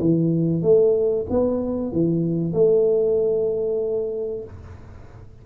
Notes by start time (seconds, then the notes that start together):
0.00 E3
0.62 A3
1.30 B3
1.92 E3
2.53 A3